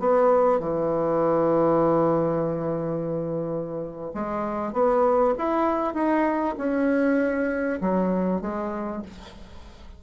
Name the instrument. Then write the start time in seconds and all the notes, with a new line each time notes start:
bassoon
0.00 B3
0.60 E3
4.14 G#3
4.73 B3
5.38 E4
5.94 D#4
6.58 C#4
7.81 F#3
8.42 G#3